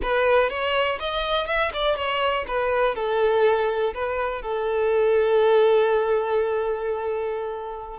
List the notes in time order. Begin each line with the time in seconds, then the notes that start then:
0.02 B4
0.49 C#5
0.99 D#5
1.46 E5
1.73 D5
1.96 C#5
2.47 B4
2.95 A4
3.94 B4
4.42 A4